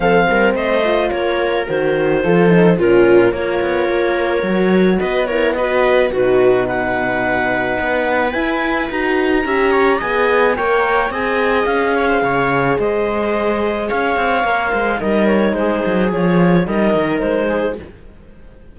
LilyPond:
<<
  \new Staff \with { instrumentName = "clarinet" } { \time 4/4 \tempo 4 = 108 f''4 dis''4 cis''4 c''4~ | c''4 ais'4 cis''2~ | cis''4 dis''8 cis''8 dis''4 b'4 | fis''2. gis''4 |
ais''2 gis''4 g''4 | gis''4 f''2 dis''4~ | dis''4 f''2 dis''8 cis''8 | c''4 cis''4 dis''4 c''4 | }
  \new Staff \with { instrumentName = "viola" } { \time 4/4 a'8 ais'8 c''4 ais'2 | a'4 f'4 ais'2~ | ais'4 b'8 ais'8 b'4 fis'4 | b'1~ |
b'4 e''8 cis''8 dis''4 cis''4 | dis''4. cis''16 c''16 cis''4 c''4~ | c''4 cis''4. c''8 ais'4 | gis'2 ais'4. gis'8 | }
  \new Staff \with { instrumentName = "horn" } { \time 4/4 c'4. f'4. fis'4 | f'8 dis'8 cis'4 f'2 | fis'4. e'8 fis'4 dis'4~ | dis'2. e'4 |
fis'4 g'4 gis'4 ais'4 | gis'1~ | gis'2 ais'4 dis'4~ | dis'4 f'4 dis'2 | }
  \new Staff \with { instrumentName = "cello" } { \time 4/4 f8 g8 a4 ais4 dis4 | f4 ais,4 ais8 b8 ais4 | fis4 b2 b,4~ | b,2 b4 e'4 |
dis'4 cis'4 b4 ais4 | c'4 cis'4 cis4 gis4~ | gis4 cis'8 c'8 ais8 gis8 g4 | gis8 fis8 f4 g8 dis8 gis4 | }
>>